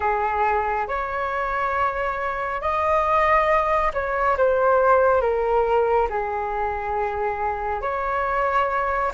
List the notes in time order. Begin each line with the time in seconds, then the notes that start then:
0.00 G#4
0.87 C#5
2.61 D#5
3.93 C#5
4.37 C5
5.21 A#4
6.09 G#4
7.81 C#5